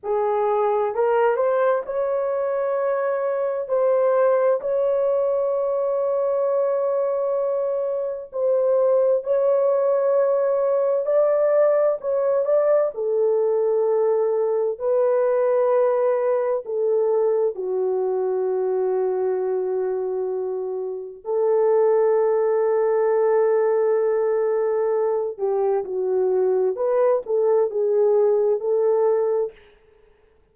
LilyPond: \new Staff \with { instrumentName = "horn" } { \time 4/4 \tempo 4 = 65 gis'4 ais'8 c''8 cis''2 | c''4 cis''2.~ | cis''4 c''4 cis''2 | d''4 cis''8 d''8 a'2 |
b'2 a'4 fis'4~ | fis'2. a'4~ | a'2.~ a'8 g'8 | fis'4 b'8 a'8 gis'4 a'4 | }